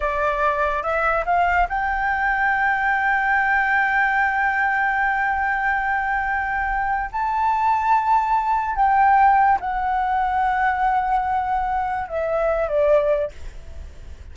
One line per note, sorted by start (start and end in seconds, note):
0.00 0.82 D5
0.82 1.24 E5
1.25 1.67 F5
1.68 7.10 G5
7.11 8.75 A5
8.75 9.58 G5
9.60 12.08 F#5
12.08 12.68 E5
12.68 13.31 D5